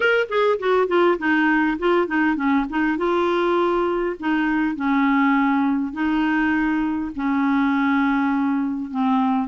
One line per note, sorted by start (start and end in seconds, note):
0.00 0.27 A#4
0.29 0.58 G#4
0.59 0.87 F#4
0.87 1.17 F4
1.18 1.77 D#4
1.78 2.07 F4
2.07 2.35 D#4
2.35 2.65 C#4
2.69 2.97 D#4
2.97 4.16 F4
4.19 4.75 D#4
4.75 5.92 C#4
5.92 7.11 D#4
7.15 8.91 C#4
8.91 9.48 C4